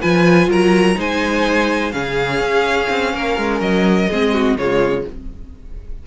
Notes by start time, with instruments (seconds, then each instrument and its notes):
0.00 cello F3, viola F4, violin B4 G#5
0.47 cello F#3, violin A#4 A#5
0.95 cello G#3, viola D#4, violin C5 G#5
1.92 cello C#3, viola C#4, violin G#4 F5
2.39 cello C#4
2.89 cello C4
3.13 cello A#3, violin A#4
3.37 cello G#3
3.60 cello F#3, violin D#5
4.09 cello G#3, viola C4, violin G#4
4.33 violin F#4
4.56 cello C#3, viola G#3, violin F4 C#5